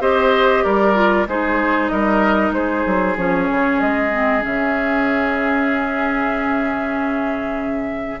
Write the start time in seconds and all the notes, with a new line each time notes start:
0.00 C4 G4 C5 D#5
0.63 G3 A#4 D5
0.94 F4
1.27 G#3 D#4 G#4 C5
1.88 G3 A#4 D#5
2.51 G#3 G#4 C5
2.86 F#3
3.16 F3 C#4 C#5
3.50 C#3
3.80 G#3 D#5
4.11 C4
4.40 C#3 C#4 E5